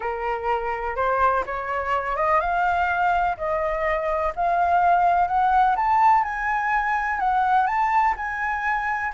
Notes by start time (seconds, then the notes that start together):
0.00 A#4
0.96 C5
1.46 C#5
2.16 D#5
2.40 F5
3.37 D#5
4.35 F5
5.27 F#5
5.76 A5
6.23 G#5
7.19 F#5
7.66 A5
8.16 G#5